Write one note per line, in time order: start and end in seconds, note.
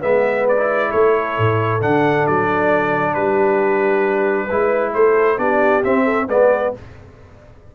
0.00 0.92 G#3
0.00 0.56 B3
0.00 0.90 B4
0.00 0.47 E5
0.48 0.92 D5
0.57 1.80 E4
0.90 1.38 A3
0.90 3.14 A4
0.90 1.81 C#5
1.38 1.81 A2
1.80 2.26 D3
1.80 4.49 D4
1.80 2.26 F#5
2.27 3.14 F#3
2.27 3.14 D5
3.14 4.48 G3
3.14 4.46 G4
3.14 4.93 B4
4.46 4.94 G#3
4.46 5.37 E4
4.46 4.91 B4
4.93 5.38 A3
4.93 5.39 A4
4.93 5.38 C5
5.37 5.82 B3
5.37 5.82 D4
5.37 6.03 G4
5.37 5.83 D5
5.82 6.27 C4
5.82 6.28 C4
5.82 6.29 E5
6.03 6.26 A4
6.28 6.72 G#3
6.28 6.75 B3
6.28 6.72 B4
6.28 6.74 D5